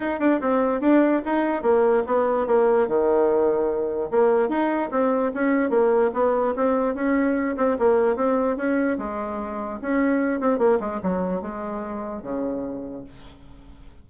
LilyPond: \new Staff \with { instrumentName = "bassoon" } { \time 4/4 \tempo 4 = 147 dis'8 d'8 c'4 d'4 dis'4 | ais4 b4 ais4 dis4~ | dis2 ais4 dis'4 | c'4 cis'4 ais4 b4 |
c'4 cis'4. c'8 ais4 | c'4 cis'4 gis2 | cis'4. c'8 ais8 gis8 fis4 | gis2 cis2 | }